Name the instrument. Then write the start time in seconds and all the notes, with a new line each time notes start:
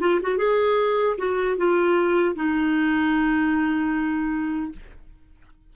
clarinet
0.00 F4
0.22 F#4
0.37 G#4
1.18 F#4
1.57 F4
2.35 D#4